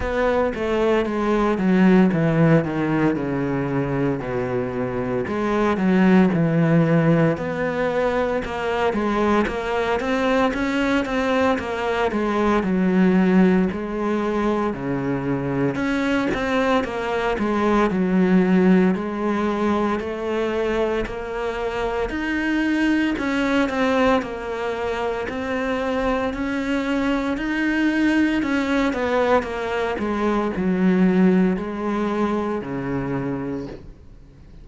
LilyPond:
\new Staff \with { instrumentName = "cello" } { \time 4/4 \tempo 4 = 57 b8 a8 gis8 fis8 e8 dis8 cis4 | b,4 gis8 fis8 e4 b4 | ais8 gis8 ais8 c'8 cis'8 c'8 ais8 gis8 | fis4 gis4 cis4 cis'8 c'8 |
ais8 gis8 fis4 gis4 a4 | ais4 dis'4 cis'8 c'8 ais4 | c'4 cis'4 dis'4 cis'8 b8 | ais8 gis8 fis4 gis4 cis4 | }